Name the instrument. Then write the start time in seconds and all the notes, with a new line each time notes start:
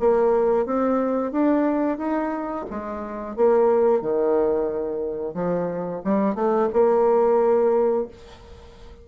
bassoon
0.00 A#3
0.66 C4
1.32 D4
1.98 D#4
2.70 G#3
3.36 A#3
4.01 D#3
5.34 F3
6.05 G3
6.35 A3
6.73 A#3